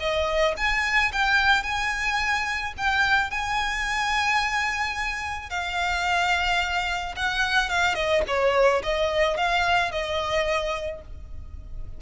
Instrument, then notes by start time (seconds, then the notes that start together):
violin
0.00 D#5
0.57 G#5
1.13 G5
1.63 G#5
2.78 G5
3.31 G#5
5.50 F5
7.17 F#5
7.69 F5
7.95 D#5
8.27 C#5
8.83 D#5
9.38 F5
9.92 D#5